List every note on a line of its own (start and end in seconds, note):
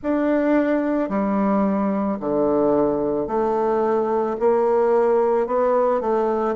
0.02 1.09 D4
1.09 2.18 G3
2.20 3.27 D3
3.27 4.36 A3
4.39 5.46 A#3
5.46 6.00 B3
6.00 6.55 A3